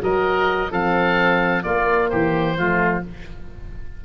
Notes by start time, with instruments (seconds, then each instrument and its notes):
0.00 tuba F#3, horn F#4, oboe A#4 D#5
0.71 tuba F3, horn C4, oboe A4 F5
1.63 horn A#3, tuba A#3, oboe F4 D5
2.09 tuba E3, oboe G4 C5
2.57 tuba F3, horn A3, oboe F4